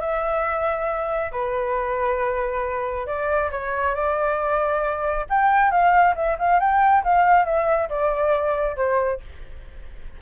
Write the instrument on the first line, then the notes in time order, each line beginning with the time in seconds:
flute
0.00 E5
1.32 B4
3.06 D5
3.51 C#5
3.94 D5
5.29 G5
5.71 F5
6.15 E5
6.38 F5
6.60 G5
7.04 F5
7.45 E5
7.89 D5
8.76 C5